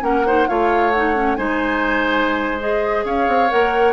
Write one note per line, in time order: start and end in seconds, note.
0.00 0.46 A#3
0.00 0.22 C#4
0.00 0.26 A#4
0.00 0.48 F#5
0.26 0.48 D#4
0.26 0.48 C5
0.48 1.37 A3
0.48 0.92 F4
0.48 1.37 C#5
0.48 0.90 F5
0.90 1.14 D#4
0.90 1.35 F#5
1.14 1.36 C#4
1.35 3.04 G#3
1.35 2.59 D#4
1.35 3.05 C5
1.35 2.58 G#5
2.59 3.49 G#4
2.59 3.04 D#5
3.04 3.26 C#4
3.04 3.93 C#5
3.04 3.50 F5
3.27 3.50 C4
3.49 3.93 A#3
3.49 3.93 A#4
3.49 3.93 F#5